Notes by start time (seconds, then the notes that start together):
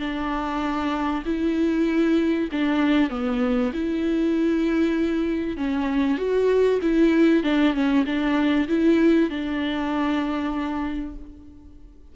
0.00 D4
1.25 E4
2.52 D4
3.10 B3
3.73 E4
5.58 C#4
6.18 F#4
6.82 E4
7.44 D4
7.74 C#4
8.06 D4
8.69 E4
9.30 D4